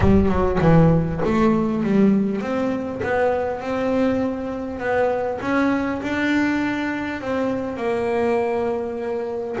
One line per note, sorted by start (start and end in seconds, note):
0.00 0.28 G3
0.28 0.58 F#3
0.61 1.21 E3
1.24 1.83 A3
1.83 2.41 G3
2.41 3.01 C4
3.02 3.60 B3
3.60 4.79 C4
4.79 5.39 B3
5.41 6.01 C#4
6.02 7.21 D4
7.21 7.76 C4
7.76 9.56 A#3